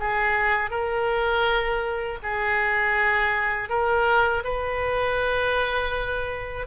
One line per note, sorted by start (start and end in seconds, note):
0.00 0.71 G#4
0.71 2.19 A#4
2.23 3.70 G#4
3.70 4.44 A#4
4.44 6.67 B4